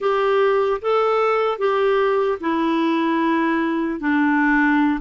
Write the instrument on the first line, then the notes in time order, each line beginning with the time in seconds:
clarinet
0.00 G4
0.81 A4
1.58 G4
2.40 E4
4.00 D4